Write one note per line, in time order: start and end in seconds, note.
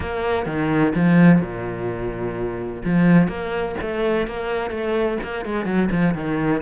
0.00 0.46 A#3
0.46 0.93 D#3
0.94 1.40 F3
1.40 2.82 A#2
2.84 3.28 F3
3.28 3.75 A#3
3.81 4.27 A3
4.27 4.70 A#3
4.70 5.17 A3
5.22 5.45 A#3
5.45 5.65 G#3
5.65 5.88 F#3
5.91 6.14 F3
6.14 6.61 D#3